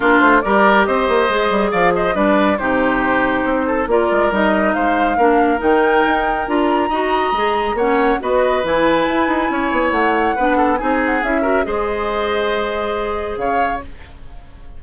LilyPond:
<<
  \new Staff \with { instrumentName = "flute" } { \time 4/4 \tempo 4 = 139 ais'8 c''8 d''4 dis''2 | f''8 dis''8 d''4 c''2~ | c''4 d''4 dis''4 f''4~ | f''4 g''2 ais''4~ |
ais''2 fis''4 dis''4 | gis''2. fis''4~ | fis''4 gis''8 fis''8 e''4 dis''4~ | dis''2. f''4 | }
  \new Staff \with { instrumentName = "oboe" } { \time 4/4 f'4 ais'4 c''2 | d''8 c''8 b'4 g'2~ | g'8 a'8 ais'2 c''4 | ais'1 |
dis''2 cis''4 b'4~ | b'2 cis''2 | b'8 a'8 gis'4. ais'8 c''4~ | c''2. cis''4 | }
  \new Staff \with { instrumentName = "clarinet" } { \time 4/4 d'4 g'2 gis'4~ | gis'4 d'4 dis'2~ | dis'4 f'4 dis'2 | d'4 dis'2 f'4 |
fis'4 gis'4 cis'4 fis'4 | e'1 | d'4 dis'4 e'8 fis'8 gis'4~ | gis'1 | }
  \new Staff \with { instrumentName = "bassoon" } { \time 4/4 ais8 a8 g4 c'8 ais8 gis8 g8 | f4 g4 c2 | c'4 ais8 gis8 g4 gis4 | ais4 dis4 dis'4 d'4 |
dis'4 gis4 ais4 b4 | e4 e'8 dis'8 cis'8 b8 a4 | b4 c'4 cis'4 gis4~ | gis2. cis4 | }
>>